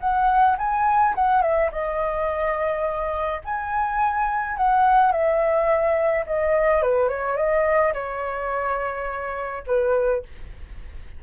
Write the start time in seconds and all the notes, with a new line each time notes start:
0.00 F#5
0.58 G#5
1.15 F#5
1.42 E5
1.72 D#5
3.45 G#5
4.57 F#5
5.12 E5
6.27 D#5
6.83 B4
7.09 C#5
7.37 D#5
7.94 C#5
9.67 B4